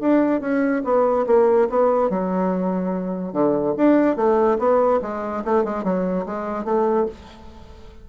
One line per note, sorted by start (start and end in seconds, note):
0.00 0.41 D4
0.41 0.82 C#4
0.84 1.26 B3
1.27 1.68 A#3
1.69 2.10 B3
2.10 3.33 F#3
3.33 3.74 D3
3.77 4.16 D4
4.16 4.58 A3
4.59 5.00 B3
5.02 5.44 G#3
5.44 5.64 A3
5.64 5.84 G#3
5.84 6.25 F#3
6.26 6.65 G#3
6.65 7.06 A3